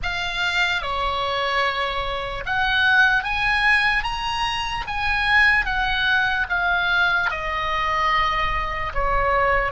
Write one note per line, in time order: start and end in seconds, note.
0.02 0.81 F5
0.81 2.44 C#5
2.45 3.23 F#5
3.23 4.03 G#5
4.03 4.84 A#5
4.86 5.65 G#5
5.65 6.46 F#5
6.49 7.30 F5
7.30 8.92 D#5
8.94 9.71 C#5